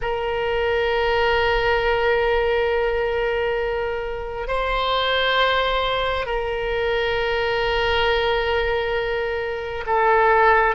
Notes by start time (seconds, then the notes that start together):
0.01 A#4
4.47 C5
6.26 A#4
9.86 A4